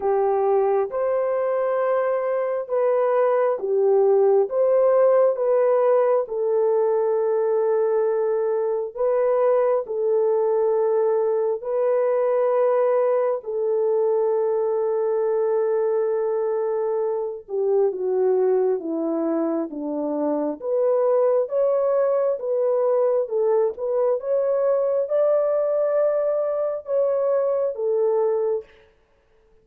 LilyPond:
\new Staff \with { instrumentName = "horn" } { \time 4/4 \tempo 4 = 67 g'4 c''2 b'4 | g'4 c''4 b'4 a'4~ | a'2 b'4 a'4~ | a'4 b'2 a'4~ |
a'2.~ a'8 g'8 | fis'4 e'4 d'4 b'4 | cis''4 b'4 a'8 b'8 cis''4 | d''2 cis''4 a'4 | }